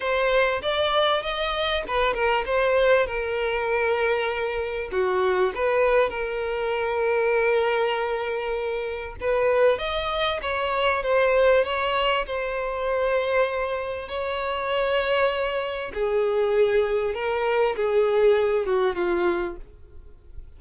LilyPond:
\new Staff \with { instrumentName = "violin" } { \time 4/4 \tempo 4 = 98 c''4 d''4 dis''4 b'8 ais'8 | c''4 ais'2. | fis'4 b'4 ais'2~ | ais'2. b'4 |
dis''4 cis''4 c''4 cis''4 | c''2. cis''4~ | cis''2 gis'2 | ais'4 gis'4. fis'8 f'4 | }